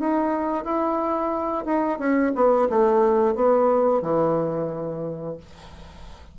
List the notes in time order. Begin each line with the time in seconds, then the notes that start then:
0.00 D#4
0.65 E4
1.65 D#4
1.99 C#4
2.35 B3
2.70 A3
3.36 B3
4.03 E3